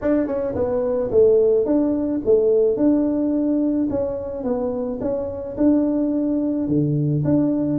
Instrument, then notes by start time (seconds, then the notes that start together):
tuba
0.01 D4
0.26 C#4
0.55 B3
1.11 A3
1.65 D4
2.25 A3
2.76 D4
3.90 C#4
4.43 B3
5.00 C#4
5.57 D4
6.67 D3
7.24 D4